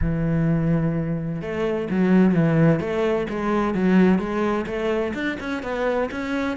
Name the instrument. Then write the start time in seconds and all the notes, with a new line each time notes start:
cello
0.01 E3
1.41 A3
1.90 F#3
2.34 E3
2.80 A3
3.29 G#3
3.74 F#3
4.18 G#3
4.66 A3
5.14 D4
5.39 C#4
5.62 B3
6.11 C#4